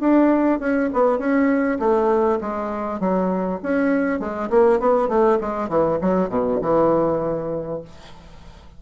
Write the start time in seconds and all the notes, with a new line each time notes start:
0.00 D4
0.59 C#4
0.93 B3
1.18 C#4
1.79 A3
2.41 G#3
3.00 F#3
3.63 C#4
4.19 G#3
4.50 A#3
4.80 B3
5.08 A3
5.41 G#3
5.69 E3
6.01 F#3
6.29 B2
6.62 E3